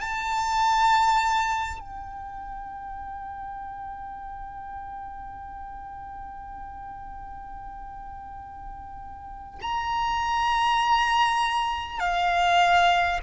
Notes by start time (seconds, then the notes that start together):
0.00 A5
1.79 G5
9.61 A#5
11.99 F5